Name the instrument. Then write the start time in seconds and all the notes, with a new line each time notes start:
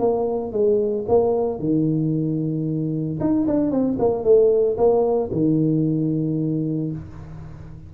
tuba
0.00 A#3
0.53 G#3
1.09 A#3
1.60 D#3
3.21 D#4
3.48 D4
3.71 C4
3.99 A#3
4.24 A3
4.78 A#3
5.33 D#3